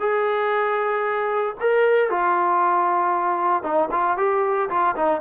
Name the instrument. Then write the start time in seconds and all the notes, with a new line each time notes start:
trombone
0.00 G#4
1.60 A#4
2.10 F4
3.63 D#4
3.91 F4
4.17 G4
4.70 F4
4.96 D#4